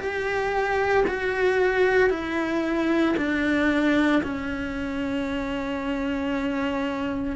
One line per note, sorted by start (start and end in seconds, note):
0.00 1.05 G4
1.08 2.11 F#4
2.11 3.16 E4
3.17 4.22 D4
4.23 7.36 C#4